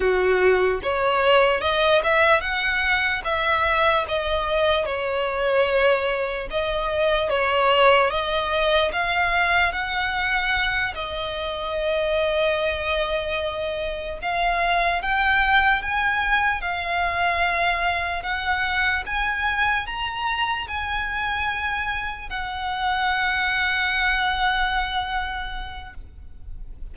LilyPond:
\new Staff \with { instrumentName = "violin" } { \time 4/4 \tempo 4 = 74 fis'4 cis''4 dis''8 e''8 fis''4 | e''4 dis''4 cis''2 | dis''4 cis''4 dis''4 f''4 | fis''4. dis''2~ dis''8~ |
dis''4. f''4 g''4 gis''8~ | gis''8 f''2 fis''4 gis''8~ | gis''8 ais''4 gis''2 fis''8~ | fis''1 | }